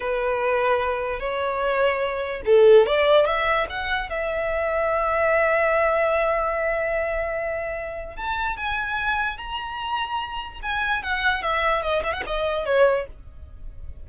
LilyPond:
\new Staff \with { instrumentName = "violin" } { \time 4/4 \tempo 4 = 147 b'2. cis''4~ | cis''2 a'4 d''4 | e''4 fis''4 e''2~ | e''1~ |
e''1 | a''4 gis''2 ais''4~ | ais''2 gis''4 fis''4 | e''4 dis''8 e''16 fis''16 dis''4 cis''4 | }